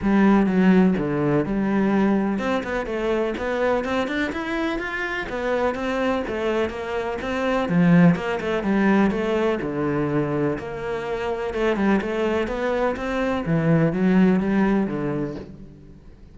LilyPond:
\new Staff \with { instrumentName = "cello" } { \time 4/4 \tempo 4 = 125 g4 fis4 d4 g4~ | g4 c'8 b8 a4 b4 | c'8 d'8 e'4 f'4 b4 | c'4 a4 ais4 c'4 |
f4 ais8 a8 g4 a4 | d2 ais2 | a8 g8 a4 b4 c'4 | e4 fis4 g4 d4 | }